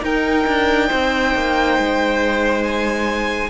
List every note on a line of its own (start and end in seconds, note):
0.00 3.48 D#4
0.00 0.46 D#4
0.00 0.88 A#4
0.00 2.63 G5
0.47 0.90 D4
0.88 1.34 C4
0.88 3.49 C5
1.34 1.78 A#3
1.78 3.50 G#3
2.63 3.50 G#5